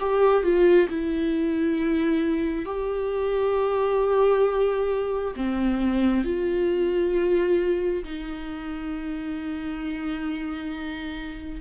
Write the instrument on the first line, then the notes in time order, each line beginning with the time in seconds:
viola
0.00 G4
0.43 F4
0.89 E4
2.65 G4
5.36 C4
6.24 F4
8.04 D#4